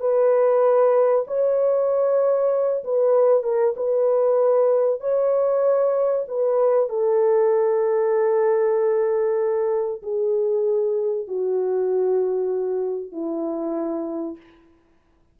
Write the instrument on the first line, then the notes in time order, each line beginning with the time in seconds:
horn
0.00 B4
1.27 C#5
2.84 B4
3.43 A#4
3.76 B4
5.00 C#5
6.28 B4
6.89 A4
10.03 G#4
11.28 F#4
13.12 E4